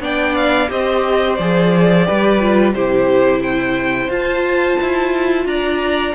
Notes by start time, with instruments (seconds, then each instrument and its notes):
0.00 cello B3, viola D4, violin D5 G5
0.35 violin F5
0.68 cello C4, viola G4, violin C5 D#5
1.35 cello F3, viola G#4, violin D5
2.05 cello G3, viola G4, violin B4
2.40 viola F4
2.74 cello C3, viola E4, violin G4 C5
3.40 violin C5 G5
4.08 cello F4, viola F4, violin A5
4.81 cello E4
5.45 cello D4, violin D5 A#5